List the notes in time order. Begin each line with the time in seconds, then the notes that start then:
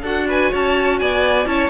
0.00 D4 F#4 A4 F#5
0.28 B4 G#5
0.51 C#4 C#5 A5
0.99 B3 D5 G#5
1.45 C#4 E4 C#5 A5